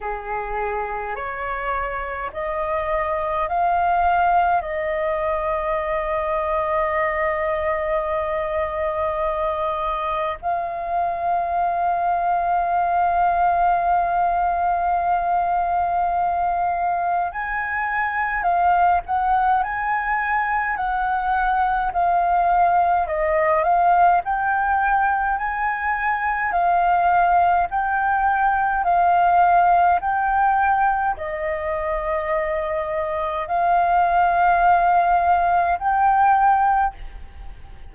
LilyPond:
\new Staff \with { instrumentName = "flute" } { \time 4/4 \tempo 4 = 52 gis'4 cis''4 dis''4 f''4 | dis''1~ | dis''4 f''2.~ | f''2. gis''4 |
f''8 fis''8 gis''4 fis''4 f''4 | dis''8 f''8 g''4 gis''4 f''4 | g''4 f''4 g''4 dis''4~ | dis''4 f''2 g''4 | }